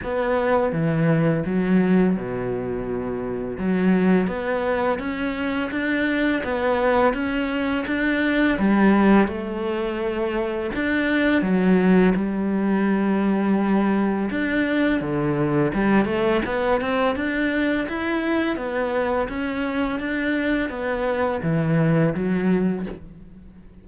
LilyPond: \new Staff \with { instrumentName = "cello" } { \time 4/4 \tempo 4 = 84 b4 e4 fis4 b,4~ | b,4 fis4 b4 cis'4 | d'4 b4 cis'4 d'4 | g4 a2 d'4 |
fis4 g2. | d'4 d4 g8 a8 b8 c'8 | d'4 e'4 b4 cis'4 | d'4 b4 e4 fis4 | }